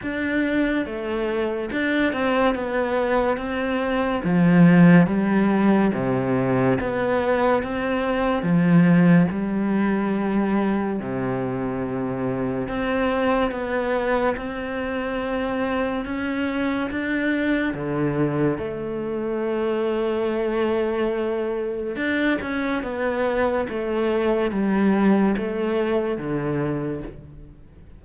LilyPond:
\new Staff \with { instrumentName = "cello" } { \time 4/4 \tempo 4 = 71 d'4 a4 d'8 c'8 b4 | c'4 f4 g4 c4 | b4 c'4 f4 g4~ | g4 c2 c'4 |
b4 c'2 cis'4 | d'4 d4 a2~ | a2 d'8 cis'8 b4 | a4 g4 a4 d4 | }